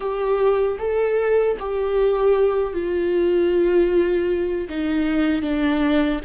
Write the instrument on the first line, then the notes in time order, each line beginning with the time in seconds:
viola
0.00 G4
0.78 A4
1.59 G4
2.73 F4
4.69 D#4
5.42 D4